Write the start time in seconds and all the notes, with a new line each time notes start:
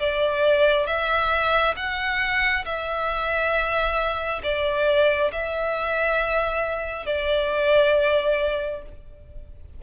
0.00 D5
0.87 E5
1.77 F#5
2.66 E5
4.44 D5
5.32 E5
7.06 D5